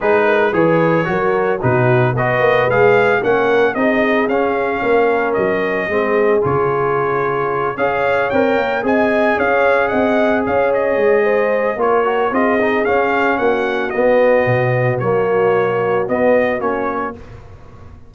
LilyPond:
<<
  \new Staff \with { instrumentName = "trumpet" } { \time 4/4 \tempo 4 = 112 b'4 cis''2 b'4 | dis''4 f''4 fis''4 dis''4 | f''2 dis''2 | cis''2~ cis''8 f''4 g''8~ |
g''8 gis''4 f''4 fis''4 f''8 | dis''2 cis''4 dis''4 | f''4 fis''4 dis''2 | cis''2 dis''4 cis''4 | }
  \new Staff \with { instrumentName = "horn" } { \time 4/4 gis'8 ais'8 b'4 ais'4 fis'4 | b'2 ais'4 gis'4~ | gis'4 ais'2 gis'4~ | gis'2~ gis'8 cis''4.~ |
cis''8 dis''4 cis''4 dis''4 cis''8~ | cis''4 c''4 ais'4 gis'4~ | gis'4 fis'2.~ | fis'1 | }
  \new Staff \with { instrumentName = "trombone" } { \time 4/4 dis'4 gis'4 fis'4 dis'4 | fis'4 gis'4 cis'4 dis'4 | cis'2. c'4 | f'2~ f'8 gis'4 ais'8~ |
ais'8 gis'2.~ gis'8~ | gis'2 f'8 fis'8 f'8 dis'8 | cis'2 b2 | ais2 b4 cis'4 | }
  \new Staff \with { instrumentName = "tuba" } { \time 4/4 gis4 e4 fis4 b,4 | b8 ais8 gis4 ais4 c'4 | cis'4 ais4 fis4 gis4 | cis2~ cis8 cis'4 c'8 |
ais8 c'4 cis'4 c'4 cis'8~ | cis'8 gis4. ais4 c'4 | cis'4 ais4 b4 b,4 | fis2 b4 ais4 | }
>>